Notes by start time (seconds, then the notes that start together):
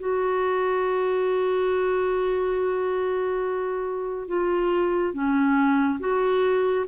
0.00 F#4
4.29 F4
5.14 C#4
6.00 F#4